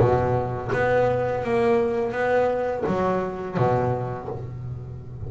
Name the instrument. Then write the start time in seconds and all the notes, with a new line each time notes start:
double bass
0.00 B2
0.73 B3
1.44 A#3
2.13 B3
2.87 F#3
3.57 B2